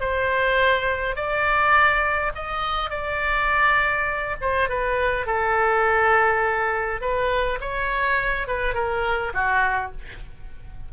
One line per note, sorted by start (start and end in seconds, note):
0.00 1.16 C5
1.16 2.32 D5
2.35 2.90 D#5
2.90 4.36 D5
4.41 4.69 C5
4.69 5.26 B4
5.26 7.01 A4
7.01 7.59 B4
7.60 8.47 C#5
8.47 8.74 B4
8.74 9.33 A#4
9.34 9.92 F#4